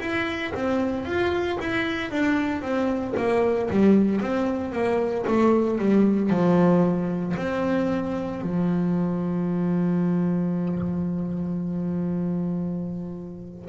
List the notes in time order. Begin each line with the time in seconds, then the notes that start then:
0.00 E4
0.54 C4
1.05 F4
1.60 E4
2.11 D4
2.61 C4
3.16 A#3
3.70 G3
4.21 C4
4.72 A#3
5.27 A3
5.78 G3
6.30 F3
7.37 C4
8.42 F3